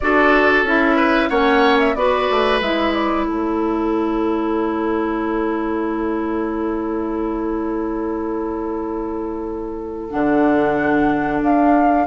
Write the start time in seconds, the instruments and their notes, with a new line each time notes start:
0.00 bassoon D4, clarinet F#4, oboe A4, flute D5
0.63 bassoon C#4, clarinet E4, flute E5
0.96 oboe B4
1.29 bassoon A#3, clarinet C#4, oboe C#5, flute F#5
1.79 flute E5
1.94 bassoon B3, clarinet F#4, oboe B4, flute D5
2.30 bassoon A3
2.61 bassoon G#3, clarinet E4, flute E5
2.93 flute D5
3.25 bassoon A3, oboe A4, flute C#5
10.10 bassoon D3, clarinet D4, flute F#5
11.42 bassoon D4, flute F5